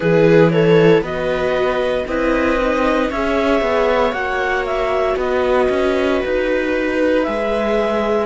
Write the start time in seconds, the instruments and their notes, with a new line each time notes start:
0.00 cello E3, viola E4 G#4, clarinet B4
0.50 viola A4, clarinet C#5
1.01 cello B3, viola F#4 B4, clarinet D#5
2.06 cello C4, viola E4 D#5, clarinet B4
2.59 viola D#4
3.10 cello C#4, viola G#4 C#5, clarinet E5
3.61 cello B3
4.12 cello A#3, viola F#4, clarinet F#5
4.65 clarinet E5
5.16 cello B3, viola B4, clarinet D#5
5.69 cello C#4
6.22 cello D#4, clarinet B4
7.23 cello G#3, viola G#4, clarinet E5